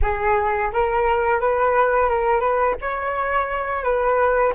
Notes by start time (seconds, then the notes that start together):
0.02 G#4
0.72 A#4
1.40 B4
2.09 A#4
2.40 B4
2.81 C#5
3.83 B4